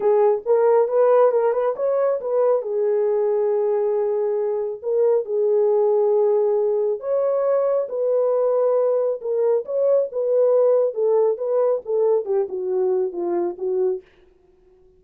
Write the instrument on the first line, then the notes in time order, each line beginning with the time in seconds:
horn
0.00 G#4
0.45 A#4
0.88 B4
1.31 A#4
1.52 B4
1.76 C#5
2.20 B4
2.62 G#4
4.82 A#4
5.25 G#4
7.00 C#5
7.89 B4
9.21 A#4
9.65 C#5
10.12 B4
10.94 A4
11.37 B4
11.85 A4
12.25 G4
12.48 F#4
13.12 F4
13.57 F#4